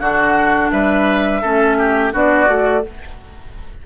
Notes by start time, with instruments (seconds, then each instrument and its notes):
0.00 bassoon D3, clarinet D4, oboe F#4, flute F#5
0.71 bassoon G3, oboe B4, flute E5
1.42 bassoon A3, clarinet C#4, oboe A4
1.79 oboe G4
2.13 bassoon B3, clarinet D4, oboe F#4, flute D5
2.46 bassoon A3, clarinet F#4